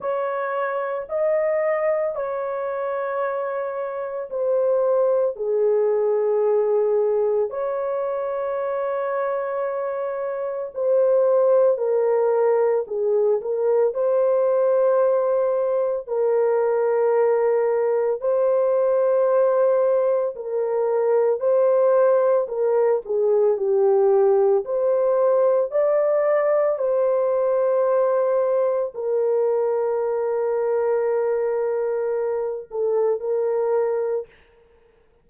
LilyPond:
\new Staff \with { instrumentName = "horn" } { \time 4/4 \tempo 4 = 56 cis''4 dis''4 cis''2 | c''4 gis'2 cis''4~ | cis''2 c''4 ais'4 | gis'8 ais'8 c''2 ais'4~ |
ais'4 c''2 ais'4 | c''4 ais'8 gis'8 g'4 c''4 | d''4 c''2 ais'4~ | ais'2~ ais'8 a'8 ais'4 | }